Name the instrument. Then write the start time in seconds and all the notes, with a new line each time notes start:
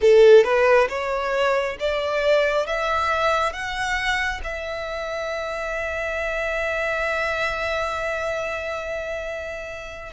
violin
0.01 A4
0.44 B4
0.88 C#5
1.79 D5
2.66 E5
3.52 F#5
4.43 E5